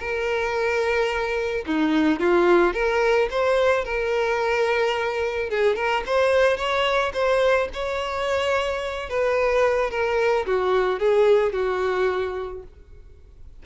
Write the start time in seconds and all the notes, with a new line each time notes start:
0.00 A#4
1.66 D#4
2.20 F4
2.73 A#4
3.31 C5
3.85 A#4
5.50 G#4
5.76 A#4
6.06 C5
6.57 C#5
7.13 C5
7.73 C#5
9.09 B4
9.91 A#4
10.46 F#4
10.99 G#4
11.53 F#4